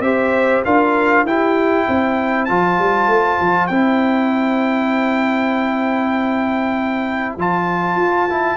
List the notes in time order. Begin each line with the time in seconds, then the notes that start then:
0.00 C4 G4 C5 E5
0.65 D4 F4 A#4 F5
1.24 E4 G4 G5
1.88 C4 C5
2.45 F3 F4 A5
2.79 G3
3.08 A3
3.41 F3
3.67 C4 E4 G5
7.37 F3 F4 A5
7.96 F4
8.30 E4